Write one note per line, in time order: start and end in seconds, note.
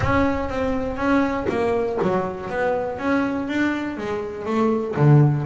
0.00 0.49 C#4
0.49 0.96 C4
0.96 1.46 C#4
1.49 1.98 A#3
2.02 2.49 F#3
2.49 2.98 B3
2.98 3.48 C#4
3.48 3.97 D4
3.97 4.45 G#3
4.45 4.95 A3
4.96 5.45 D3